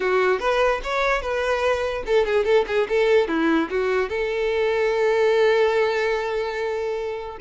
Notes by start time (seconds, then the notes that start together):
0.00 F#4
0.39 B4
0.83 C#5
1.21 B4
2.05 A4
2.25 G#4
2.44 A4
2.67 G#4
2.89 A4
3.28 E4
3.70 F#4
4.09 A4